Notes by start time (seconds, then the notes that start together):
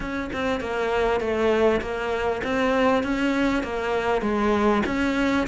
0.00 C#4
0.32 C4
0.60 A#3
1.20 A3
1.81 A#3
2.43 C4
3.03 C#4
3.63 A#3
4.21 G#3
4.86 C#4